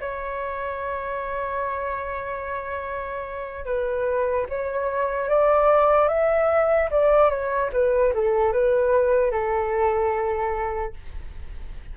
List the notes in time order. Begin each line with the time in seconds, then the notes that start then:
0.00 C#5
3.65 B4
4.49 C#5
5.29 D5
6.08 E5
6.90 D5
7.29 C#5
7.72 B4
8.14 A4
8.52 B4
9.31 A4